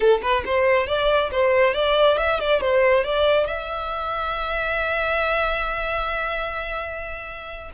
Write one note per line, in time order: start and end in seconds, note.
0.00 0.21 A4
0.22 0.43 B4
0.45 0.87 C5
0.87 1.30 D5
1.31 1.74 C5
1.74 2.17 D5
2.17 2.39 E5
2.39 2.60 D5
2.60 3.04 C5
3.04 3.46 D5
3.46 7.70 E5